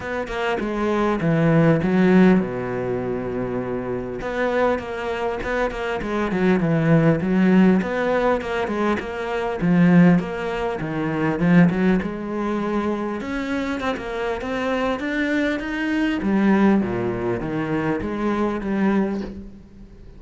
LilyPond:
\new Staff \with { instrumentName = "cello" } { \time 4/4 \tempo 4 = 100 b8 ais8 gis4 e4 fis4 | b,2. b4 | ais4 b8 ais8 gis8 fis8 e4 | fis4 b4 ais8 gis8 ais4 |
f4 ais4 dis4 f8 fis8 | gis2 cis'4 c'16 ais8. | c'4 d'4 dis'4 g4 | ais,4 dis4 gis4 g4 | }